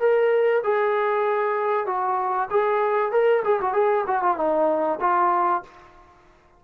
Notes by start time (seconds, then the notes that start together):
0.00 A#4
0.64 G#4
1.87 F#4
2.50 G#4
3.12 A#4
3.45 G#4
3.61 F#4
3.73 G#4
4.07 F#4
4.23 F4
4.37 D#4
5.01 F4